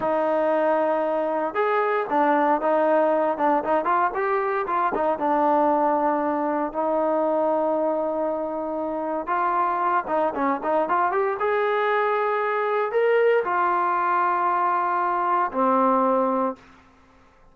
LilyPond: \new Staff \with { instrumentName = "trombone" } { \time 4/4 \tempo 4 = 116 dis'2. gis'4 | d'4 dis'4. d'8 dis'8 f'8 | g'4 f'8 dis'8 d'2~ | d'4 dis'2.~ |
dis'2 f'4. dis'8 | cis'8 dis'8 f'8 g'8 gis'2~ | gis'4 ais'4 f'2~ | f'2 c'2 | }